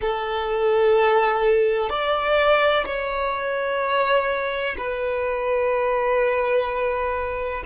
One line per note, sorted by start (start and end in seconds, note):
0.01 1.89 A4
1.89 2.84 D5
2.85 4.76 C#5
4.77 7.63 B4